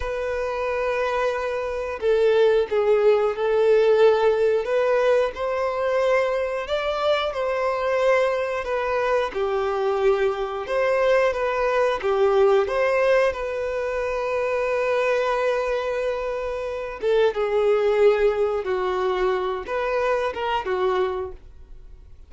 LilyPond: \new Staff \with { instrumentName = "violin" } { \time 4/4 \tempo 4 = 90 b'2. a'4 | gis'4 a'2 b'4 | c''2 d''4 c''4~ | c''4 b'4 g'2 |
c''4 b'4 g'4 c''4 | b'1~ | b'4. a'8 gis'2 | fis'4. b'4 ais'8 fis'4 | }